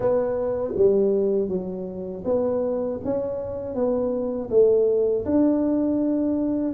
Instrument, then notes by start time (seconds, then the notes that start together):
tuba
0.00 B3
0.76 G3
1.48 F#3
2.25 B3
3.04 C#4
3.74 B3
4.50 A3
5.25 D4